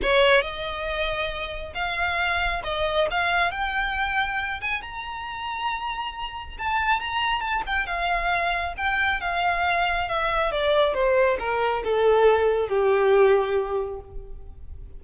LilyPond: \new Staff \with { instrumentName = "violin" } { \time 4/4 \tempo 4 = 137 cis''4 dis''2. | f''2 dis''4 f''4 | g''2~ g''8 gis''8 ais''4~ | ais''2. a''4 |
ais''4 a''8 g''8 f''2 | g''4 f''2 e''4 | d''4 c''4 ais'4 a'4~ | a'4 g'2. | }